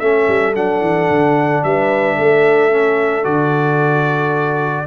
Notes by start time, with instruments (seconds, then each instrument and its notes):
0.00 tuba A3, trombone C#4, horn A4, trumpet E5
0.29 tuba G3
0.55 tuba F#3, trombone D4, trumpet F#5
0.81 tuba E3
1.11 tuba D3
1.64 tuba G3, horn B4, trumpet E5
2.17 tuba A3, horn A4
2.71 trombone C#4
3.24 tuba D3, trombone F#4, trumpet D5